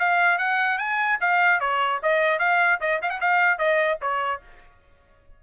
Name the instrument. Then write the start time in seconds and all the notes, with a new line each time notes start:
trumpet
0.00 F5
0.39 F#5
0.79 G#5
1.21 F5
1.61 C#5
2.03 D#5
2.40 F5
2.81 D#5
3.02 F5
3.10 F#5
3.21 F5
3.59 D#5
4.02 C#5